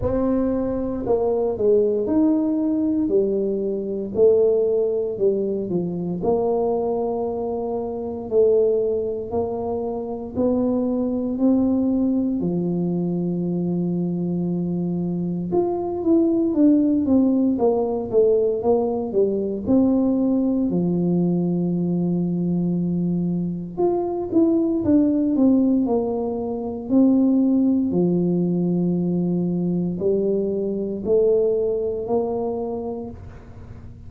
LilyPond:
\new Staff \with { instrumentName = "tuba" } { \time 4/4 \tempo 4 = 58 c'4 ais8 gis8 dis'4 g4 | a4 g8 f8 ais2 | a4 ais4 b4 c'4 | f2. f'8 e'8 |
d'8 c'8 ais8 a8 ais8 g8 c'4 | f2. f'8 e'8 | d'8 c'8 ais4 c'4 f4~ | f4 g4 a4 ais4 | }